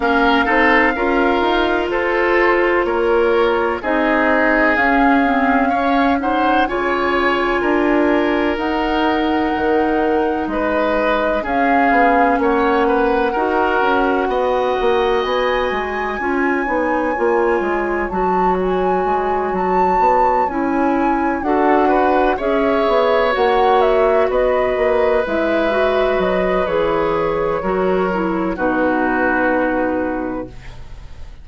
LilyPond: <<
  \new Staff \with { instrumentName = "flute" } { \time 4/4 \tempo 4 = 63 f''2 c''4 cis''4 | dis''4 f''4. fis''8 gis''4~ | gis''4 fis''2 dis''4 | f''4 fis''2. |
gis''2. a''8 gis''8~ | gis''8 a''4 gis''4 fis''4 e''8~ | e''8 fis''8 e''8 dis''4 e''4 dis''8 | cis''2 b'2 | }
  \new Staff \with { instrumentName = "oboe" } { \time 4/4 ais'8 a'8 ais'4 a'4 ais'4 | gis'2 cis''8 c''8 cis''4 | ais'2. b'4 | gis'4 cis''8 b'8 ais'4 dis''4~ |
dis''4 cis''2.~ | cis''2~ cis''8 a'8 b'8 cis''8~ | cis''4. b'2~ b'8~ | b'4 ais'4 fis'2 | }
  \new Staff \with { instrumentName = "clarinet" } { \time 4/4 cis'8 dis'8 f'2. | dis'4 cis'8 c'8 cis'8 dis'8 f'4~ | f'4 dis'2. | cis'2 fis'2~ |
fis'4 f'8 dis'8 f'4 fis'4~ | fis'4. e'4 fis'4 gis'8~ | gis'8 fis'2 e'8 fis'4 | gis'4 fis'8 e'8 dis'2 | }
  \new Staff \with { instrumentName = "bassoon" } { \time 4/4 ais8 c'8 cis'8 dis'8 f'4 ais4 | c'4 cis'2 cis4 | d'4 dis'4 dis4 gis4 | cis'8 b8 ais4 dis'8 cis'8 b8 ais8 |
b8 gis8 cis'8 b8 ais8 gis8 fis4 | gis8 fis8 b8 cis'4 d'4 cis'8 | b8 ais4 b8 ais8 gis4 fis8 | e4 fis4 b,2 | }
>>